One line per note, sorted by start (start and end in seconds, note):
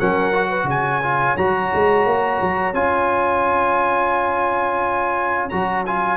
0.00 0.64 F#3
0.00 0.33 C#4
0.00 0.50 A#4
0.00 0.69 F#5
0.33 1.02 F#4
0.50 0.66 B4
0.64 1.33 C#3
0.64 6.18 C#5
0.64 1.37 G#5
1.03 1.38 F4
1.37 1.72 F#3
1.37 2.75 F#4
1.37 2.75 A#5
1.75 2.06 G#3
2.06 2.41 A#3
2.42 2.74 F#3
2.74 5.50 C#4
2.74 5.51 F4
2.74 5.50 G#5
5.50 6.18 F#3
5.50 5.86 F#4
5.50 5.84 A#5
5.86 6.18 F4
5.86 6.18 G#5